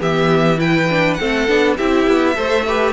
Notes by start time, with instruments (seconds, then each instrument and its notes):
0.00 cello E3, viola B3, violin G4 E5
0.58 viola E4, violin B4 G5
0.89 viola D4
1.14 viola C4, violin A4 F#5
1.20 cello A3
1.47 cello B3, viola D4
1.77 cello C4, viola E4, violin G4 E5
2.07 cello B3
2.35 cello A3, viola A4, violin C5
2.67 viola G4, violin B4